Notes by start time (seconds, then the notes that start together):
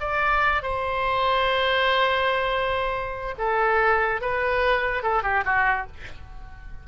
0.00 D5
0.62 C5
3.38 A4
4.21 B4
5.03 A4
5.23 G4
5.45 F#4